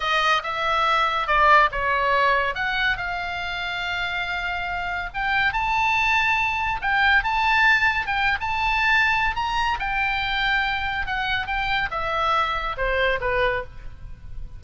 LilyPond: \new Staff \with { instrumentName = "oboe" } { \time 4/4 \tempo 4 = 141 dis''4 e''2 d''4 | cis''2 fis''4 f''4~ | f''1 | g''4 a''2. |
g''4 a''2 g''8. a''16~ | a''2 ais''4 g''4~ | g''2 fis''4 g''4 | e''2 c''4 b'4 | }